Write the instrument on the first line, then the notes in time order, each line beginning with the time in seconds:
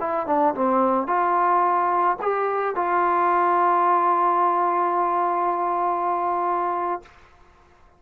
trombone
0.00 E4
0.27 D4
0.55 C4
1.08 F4
2.22 G4
2.76 F4